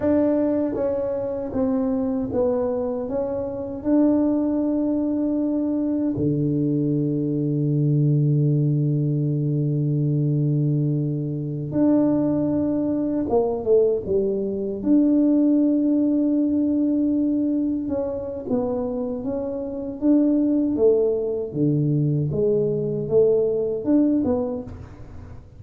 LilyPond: \new Staff \with { instrumentName = "tuba" } { \time 4/4 \tempo 4 = 78 d'4 cis'4 c'4 b4 | cis'4 d'2. | d1~ | d2.~ d16 d'8.~ |
d'4~ d'16 ais8 a8 g4 d'8.~ | d'2.~ d'16 cis'8. | b4 cis'4 d'4 a4 | d4 gis4 a4 d'8 b8 | }